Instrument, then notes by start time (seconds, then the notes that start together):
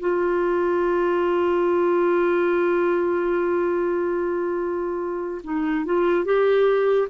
clarinet
0.00 F4
5.44 D#4
5.85 F4
6.25 G4